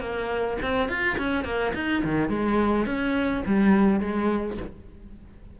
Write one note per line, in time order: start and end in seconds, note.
0.00 0.57 A#3
0.62 0.89 C4
0.89 1.17 F4
1.18 1.44 C#4
1.44 1.73 A#3
1.74 2.03 D#4
2.04 2.29 D#3
2.29 2.86 G#3
2.86 3.43 C#4
3.46 4.00 G3
4.00 4.57 G#3